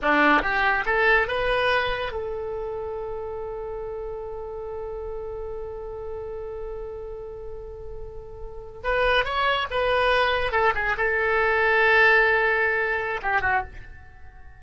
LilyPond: \new Staff \with { instrumentName = "oboe" } { \time 4/4 \tempo 4 = 141 d'4 g'4 a'4 b'4~ | b'4 a'2.~ | a'1~ | a'1~ |
a'1~ | a'8. b'4 cis''4 b'4~ b'16~ | b'8. a'8 gis'8 a'2~ a'16~ | a'2. g'8 fis'8 | }